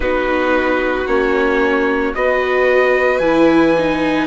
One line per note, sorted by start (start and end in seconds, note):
0.00 1.06 B3
0.00 1.06 D#4
0.00 2.16 F#4
0.00 1.06 B4
1.06 2.13 A#3
1.06 2.14 C#4
1.06 2.14 C#5
2.14 3.19 B3
2.14 3.22 F#4
2.14 4.26 B4
2.14 3.18 D#5
3.18 4.26 E3
3.18 3.75 E4
3.18 4.25 G#5
3.77 4.26 D#4